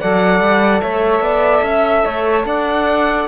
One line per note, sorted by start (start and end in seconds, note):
0.00 0.41 F#3
0.00 3.28 A4
0.00 0.82 D5
0.00 0.81 F#5
0.41 0.82 G3
0.81 1.21 A3
0.81 1.23 C#5
0.81 2.46 E5
1.21 1.62 B3
1.21 1.64 D5
1.63 2.04 C#4
1.63 2.05 E5
2.05 2.45 A3
2.05 2.46 C#5
2.45 3.28 D4
2.45 3.28 D5
2.45 3.28 F#5